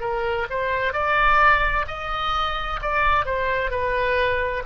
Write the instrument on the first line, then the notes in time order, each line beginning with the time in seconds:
oboe
0.00 A#4
0.50 C5
0.93 D5
1.87 D#5
2.82 D5
3.26 C5
3.70 B4